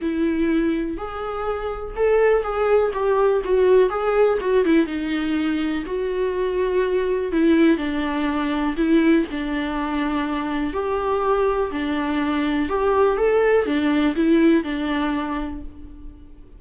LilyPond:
\new Staff \with { instrumentName = "viola" } { \time 4/4 \tempo 4 = 123 e'2 gis'2 | a'4 gis'4 g'4 fis'4 | gis'4 fis'8 e'8 dis'2 | fis'2. e'4 |
d'2 e'4 d'4~ | d'2 g'2 | d'2 g'4 a'4 | d'4 e'4 d'2 | }